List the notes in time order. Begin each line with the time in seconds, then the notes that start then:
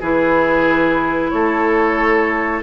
0.00 E3 E4 G#4 B4
1.30 A3 A4 C#5